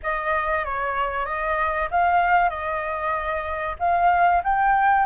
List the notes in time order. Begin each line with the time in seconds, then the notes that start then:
0.02 D#5
0.64 C#5
1.25 D#5
1.90 F5
2.49 D#5
3.79 F5
4.43 G5